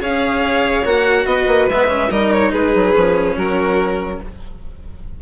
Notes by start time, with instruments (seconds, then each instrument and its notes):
0.00 bassoon C#4, cello G#4, violin C#5 F5
0.85 bassoon A#3, cello F#4, violin F#5
1.26 bassoon B3, violin B4 D#5
1.47 bassoon A#3
1.70 bassoon G#3, cello B3, violin E5
1.88 cello C#4
2.10 bassoon G3, cello D#4, violin A#4 D#5
2.32 violin C#5
2.52 bassoon G#3, violin G#4 B4
2.74 bassoon F#3
2.94 bassoon F3, cello C#4
3.36 bassoon F#3, violin F#4 A#4